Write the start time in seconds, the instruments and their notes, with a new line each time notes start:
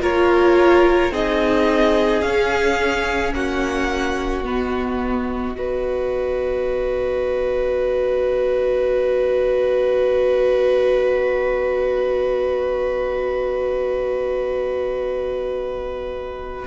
0.00 cello A#3, viola F4, violin A#4 C#5
1.11 cello C4, viola D#4, violin G#4 D#5
2.22 cello C#4, viola C#4, violin F5
3.33 cello A#3, violin F#4 F#5
4.44 cello B3, viola B3, violin D#5
5.56 viola F#4, violin B4